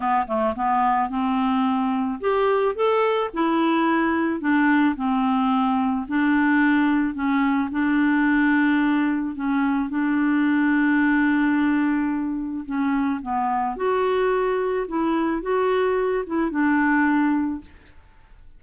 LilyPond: \new Staff \with { instrumentName = "clarinet" } { \time 4/4 \tempo 4 = 109 b8 a8 b4 c'2 | g'4 a'4 e'2 | d'4 c'2 d'4~ | d'4 cis'4 d'2~ |
d'4 cis'4 d'2~ | d'2. cis'4 | b4 fis'2 e'4 | fis'4. e'8 d'2 | }